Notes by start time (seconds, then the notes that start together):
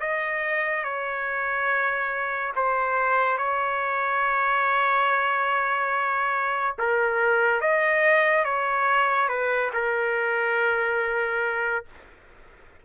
0.00 D#5
0.84 C#5
2.56 C5
3.38 C#5
6.78 A#4
7.61 D#5
8.45 C#5
9.28 B4
9.73 A#4